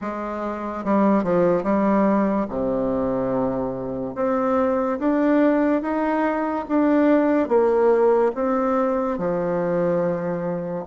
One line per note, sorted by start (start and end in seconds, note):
0.01 0.84 G#3
0.84 1.23 G3
1.23 1.63 F3
1.63 2.46 G3
2.49 4.15 C3
4.15 4.98 C4
4.98 5.81 D4
5.81 6.65 D#4
6.68 7.48 D4
7.48 8.31 A#3
8.34 9.17 C4
9.17 10.84 F3